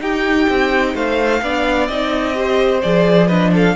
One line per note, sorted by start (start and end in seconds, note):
0.00 1.41 D#4
0.00 0.48 D#4
0.00 0.94 G4
0.00 0.96 G5
0.49 0.95 C4
0.94 1.41 A3
0.94 1.41 C5
0.94 1.87 F5
1.42 1.89 B3
1.42 1.91 D4
1.42 2.37 D5
1.87 2.83 C4
1.87 2.34 D#4
1.87 2.81 D#5
2.34 2.81 G4
2.34 3.27 C5
2.82 3.76 F3
2.82 3.30 G#4
2.82 3.28 D5
3.27 3.76 D4
3.27 3.51 B4
3.27 3.51 D#5
3.54 3.76 A4
3.54 3.76 F5